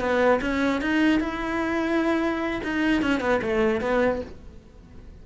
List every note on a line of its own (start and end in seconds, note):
0.00 0.40 B3
0.42 0.81 C#4
0.81 1.20 D#4
1.20 2.61 E4
2.64 3.02 D#4
3.02 3.20 C#4
3.20 3.41 B3
3.42 3.81 A3
3.81 4.21 B3